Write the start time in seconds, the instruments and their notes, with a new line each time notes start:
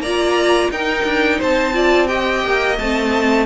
0.00 cello A#3, viola F4, violin D5 A#5
0.70 cello D#4, viola D#4, violin A#4 G5
1.05 cello D4
1.39 cello C4, violin C5 A5
1.73 viola F4, violin D5
2.08 viola G4, violin D#5 G5
2.45 cello A#3
2.79 cello A3, viola C4, violin A5